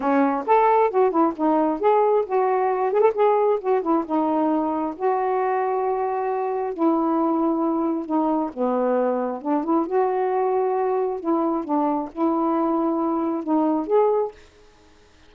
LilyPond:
\new Staff \with { instrumentName = "saxophone" } { \time 4/4 \tempo 4 = 134 cis'4 a'4 fis'8 e'8 dis'4 | gis'4 fis'4. gis'16 a'16 gis'4 | fis'8 e'8 dis'2 fis'4~ | fis'2. e'4~ |
e'2 dis'4 b4~ | b4 d'8 e'8 fis'2~ | fis'4 e'4 d'4 e'4~ | e'2 dis'4 gis'4 | }